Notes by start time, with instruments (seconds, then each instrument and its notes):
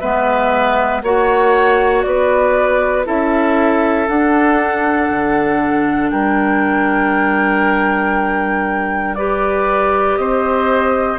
0.00 bassoon G#3, clarinet B3, oboe B4, flute E5
1.03 bassoon A#3, clarinet F#4, oboe C#5, flute F#5
2.02 bassoon B3, oboe B4, flute D5
3.06 bassoon C#4, clarinet E4, oboe A4, flute E5
4.08 clarinet D4, bassoon D4, flute F#5
5.10 bassoon D3
6.11 bassoon G3, oboe A#4, flute G5
9.15 clarinet G4, oboe B4, flute D5
10.17 bassoon C4, oboe C5, flute D#5